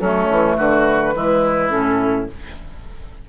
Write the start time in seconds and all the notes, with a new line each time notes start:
0.00 F#3 A3 C#4 A4
0.30 E3
0.57 D3 F#4 B4
1.14 E3 G#3 E4
1.70 A2 C#4 A4